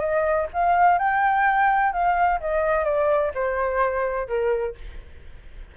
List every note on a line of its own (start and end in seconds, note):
0.00 0.47 D#5
0.53 0.99 F5
0.99 1.93 G5
1.93 2.40 F5
2.41 2.85 D#5
2.85 3.32 D5
3.35 4.28 C5
4.28 4.75 A#4